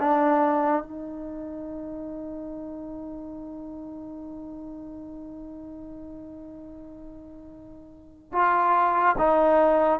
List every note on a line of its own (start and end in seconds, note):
0.00 0.83 D4
0.83 8.33 D#4
8.33 9.16 F4
9.18 10.00 D#4